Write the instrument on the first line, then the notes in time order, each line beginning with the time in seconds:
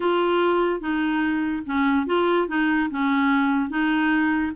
clarinet
0.00 F4
0.80 D#4
1.66 C#4
2.06 F4
2.48 D#4
2.90 C#4
3.69 D#4